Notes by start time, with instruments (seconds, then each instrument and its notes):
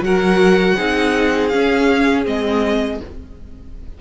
0.00 cello F#3, viola F#4, violin A#4 F#5
0.75 cello C4, viola D#4, violin G#4
1.48 viola C#4, cello C#4, violin F5
2.25 cello G#3, viola C4, violin D#5